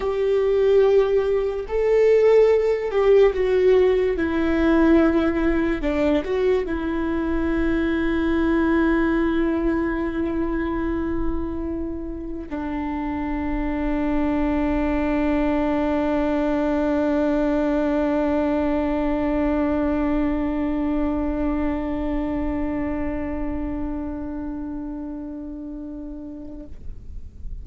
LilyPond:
\new Staff \with { instrumentName = "viola" } { \time 4/4 \tempo 4 = 72 g'2 a'4. g'8 | fis'4 e'2 d'8 fis'8 | e'1~ | e'2. d'4~ |
d'1~ | d'1~ | d'1~ | d'1 | }